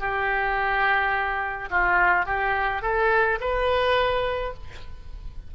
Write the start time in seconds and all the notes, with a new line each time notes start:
0.00 G4
1.70 F4
2.26 G4
2.83 A4
3.41 B4